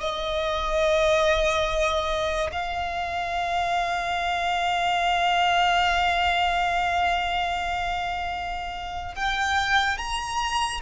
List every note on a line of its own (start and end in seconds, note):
0.00 2.50 D#5
2.52 9.15 F5
9.15 9.97 G5
9.97 10.80 A#5